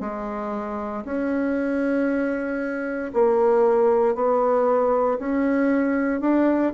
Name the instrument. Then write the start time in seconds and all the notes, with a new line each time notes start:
bassoon
0.00 G#3
1.05 C#4
3.13 A#3
4.15 B3
5.19 C#4
6.21 D4